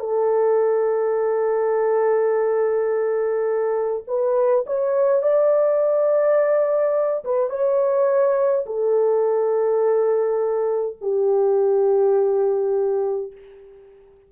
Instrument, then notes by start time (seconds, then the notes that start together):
horn
0.00 A4
4.08 B4
4.67 C#5
5.22 D5
7.25 B4
7.50 C#5
8.66 A4
11.01 G4